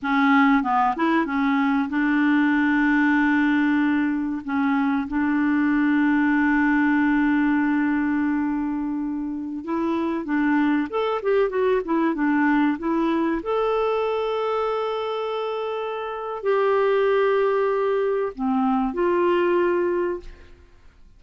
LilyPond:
\new Staff \with { instrumentName = "clarinet" } { \time 4/4 \tempo 4 = 95 cis'4 b8 e'8 cis'4 d'4~ | d'2. cis'4 | d'1~ | d'2.~ d'16 e'8.~ |
e'16 d'4 a'8 g'8 fis'8 e'8 d'8.~ | d'16 e'4 a'2~ a'8.~ | a'2 g'2~ | g'4 c'4 f'2 | }